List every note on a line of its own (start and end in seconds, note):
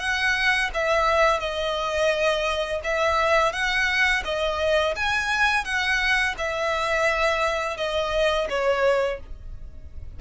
0.00 0.71 F#5
0.74 1.40 E5
1.40 2.81 D#5
2.84 3.53 E5
3.53 4.24 F#5
4.25 4.95 D#5
4.96 5.65 G#5
5.65 6.36 F#5
6.38 7.77 E5
7.77 8.48 D#5
8.50 9.20 C#5